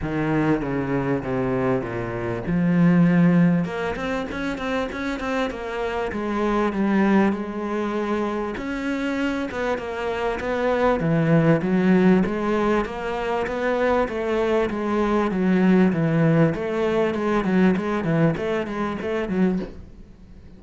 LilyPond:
\new Staff \with { instrumentName = "cello" } { \time 4/4 \tempo 4 = 98 dis4 cis4 c4 ais,4 | f2 ais8 c'8 cis'8 c'8 | cis'8 c'8 ais4 gis4 g4 | gis2 cis'4. b8 |
ais4 b4 e4 fis4 | gis4 ais4 b4 a4 | gis4 fis4 e4 a4 | gis8 fis8 gis8 e8 a8 gis8 a8 fis8 | }